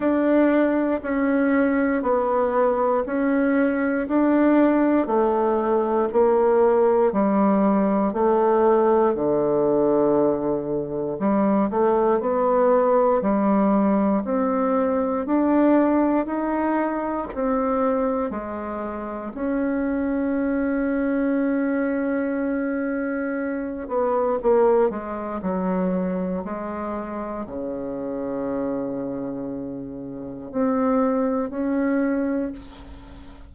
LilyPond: \new Staff \with { instrumentName = "bassoon" } { \time 4/4 \tempo 4 = 59 d'4 cis'4 b4 cis'4 | d'4 a4 ais4 g4 | a4 d2 g8 a8 | b4 g4 c'4 d'4 |
dis'4 c'4 gis4 cis'4~ | cis'2.~ cis'8 b8 | ais8 gis8 fis4 gis4 cis4~ | cis2 c'4 cis'4 | }